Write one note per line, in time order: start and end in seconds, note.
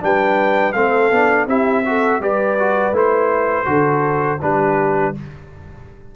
0.00 0.75 G3
0.00 0.73 D4
0.00 0.75 B4
0.00 0.72 G5
0.72 1.11 A3
0.72 1.12 C4
0.72 1.47 A4
0.72 1.45 F5
1.11 1.46 B3
1.11 1.47 D4
1.46 2.20 C4
1.46 1.84 E4
1.46 1.84 G4
1.46 2.22 E5
1.85 2.21 F#4
1.85 2.21 A4
2.20 2.92 G3
2.20 2.58 G4
2.20 3.67 B4
2.20 2.96 D5
2.59 2.93 F#4
2.92 3.65 A3
2.92 3.65 E4
2.92 4.41 C5
3.65 4.40 D3
3.65 4.38 F#4
3.65 4.41 A4
4.41 5.15 G3
4.41 5.14 D4
4.41 5.14 G4
4.41 5.15 B4